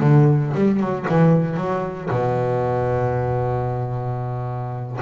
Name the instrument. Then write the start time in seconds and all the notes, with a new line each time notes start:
double bass
0.00 D3
0.55 G3
0.80 F#3
1.09 E3
1.57 F#3
2.10 B2